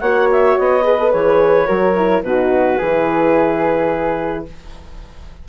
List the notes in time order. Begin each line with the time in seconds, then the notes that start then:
0.00 A#3 F#4 C#5 F#5
0.31 E5
0.59 B3 D#5
0.83 G#4 B4
0.99 A4
1.12 E3 G#4 C#5
1.66 F#3 F#4 A#4
1.96 E4
2.22 B2 D#4 F#4 B4
2.78 E3 E4 G#4